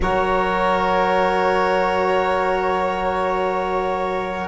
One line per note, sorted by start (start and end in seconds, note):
0.00 4.47 F#3
0.00 4.47 F#4
0.00 4.47 A#4
0.00 4.47 C#5